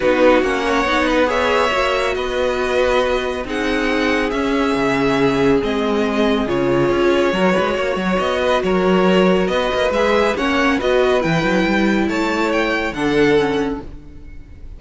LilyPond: <<
  \new Staff \with { instrumentName = "violin" } { \time 4/4 \tempo 4 = 139 b'4 fis''2 e''4~ | e''4 dis''2. | fis''2 e''2~ | e''4 dis''2 cis''4~ |
cis''2. dis''4 | cis''2 dis''4 e''4 | fis''4 dis''4 g''2 | a''4 g''4 fis''2 | }
  \new Staff \with { instrumentName = "violin" } { \time 4/4 fis'4. cis''4 b'8 cis''4~ | cis''4 b'2. | gis'1~ | gis'1~ |
gis'4 ais'8 b'8 cis''4. b'8 | ais'2 b'2 | cis''4 b'2. | cis''2 a'2 | }
  \new Staff \with { instrumentName = "viola" } { \time 4/4 dis'4 cis'4 dis'4 gis'4 | fis'1 | dis'2 cis'2~ | cis'4 c'2 f'4~ |
f'4 fis'2.~ | fis'2. gis'4 | cis'4 fis'4 e'2~ | e'2 d'4 cis'4 | }
  \new Staff \with { instrumentName = "cello" } { \time 4/4 b4 ais4 b2 | ais4 b2. | c'2 cis'4 cis4~ | cis4 gis2 cis4 |
cis'4 fis8 gis8 ais8 fis8 b4 | fis2 b8 ais8 gis4 | ais4 b4 e8 fis8 g4 | a2 d2 | }
>>